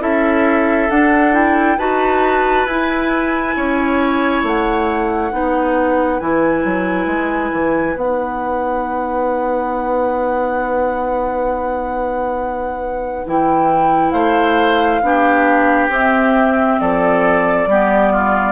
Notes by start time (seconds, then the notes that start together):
0.00 C#4 E4 A4 E5
0.90 D4 F#5
1.33 E4 G5
1.78 D#4 F#4 B4 A5
2.66 E4 G#5
3.56 C#4 C#5
4.43 A3 F#5
5.32 B3 D#4 B4
6.20 E3 E4 G#5
6.65 F#3
7.06 G#3
7.53 E3
7.96 B3 D#4 F#5
13.26 E3 E4 G5
14.11 A3 C5 F5
15.02 B3 D4 G4
15.89 C4 E5
16.80 F3 A4 D5
17.67 G3 B3 G4
18.13 F4